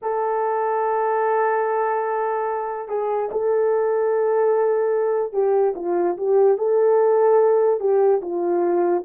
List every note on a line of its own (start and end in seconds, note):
0.01 2.88 A4
2.88 3.29 G#4
3.31 5.32 A4
5.32 5.73 G4
5.75 6.16 F4
6.16 6.58 G4
6.58 7.79 A4
7.79 8.20 G4
8.21 9.03 F4